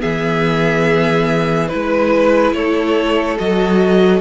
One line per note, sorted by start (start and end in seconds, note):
0.00 1.73 E3
0.00 1.69 B3
0.00 1.69 G#4
0.00 1.68 E5
1.68 2.52 G#3
1.68 3.38 E4
1.68 2.53 B4
1.68 2.56 B4
2.52 3.37 A3
2.52 4.21 A4
2.52 3.38 C#5
3.39 4.21 F#3
3.39 4.21 F#4
3.39 4.21 D#5